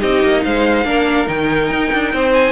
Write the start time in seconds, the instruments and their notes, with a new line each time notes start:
0.00 cello C4, viola D#4, violin G4 D#5
0.24 cello A#3
0.43 cello G#3, violin C5 F5
0.84 cello A#3, viola D4, violin A#4
1.27 cello D#3, viola D#4, violin G5
1.70 cello D#4
1.93 cello D4
2.13 cello C4, violin C5
2.33 violin G#5